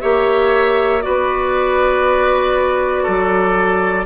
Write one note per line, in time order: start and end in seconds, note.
0.00 1.06 A#3
0.00 1.02 G4
0.00 1.03 C#5
0.00 1.02 E5
1.02 3.08 B3
1.02 4.06 F#4
1.02 3.03 B4
1.02 4.06 D5
3.03 4.06 F#3
3.03 4.05 A4